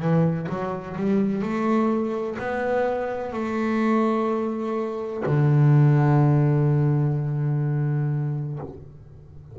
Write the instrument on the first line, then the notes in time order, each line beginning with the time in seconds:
double bass
0.00 E3
0.49 F#3
0.97 G3
1.42 A3
2.39 B3
3.33 A3
5.26 D3